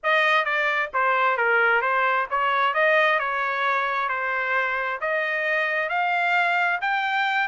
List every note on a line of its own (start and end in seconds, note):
0.03 0.44 D#5
0.44 0.90 D5
0.93 1.37 C5
1.37 1.81 A#4
1.81 2.26 C5
2.30 2.74 C#5
2.74 3.19 D#5
3.19 4.08 C#5
4.08 4.99 C5
5.01 5.89 D#5
5.89 6.80 F5
6.81 7.48 G5